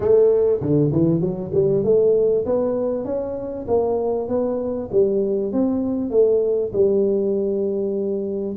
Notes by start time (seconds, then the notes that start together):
0.00 A3
0.60 D3
0.92 E3
1.20 F#3
1.54 G3
1.84 A3
2.45 B3
3.04 C#4
3.67 A#3
4.28 B3
4.91 G3
5.52 C4
6.10 A3
6.72 G3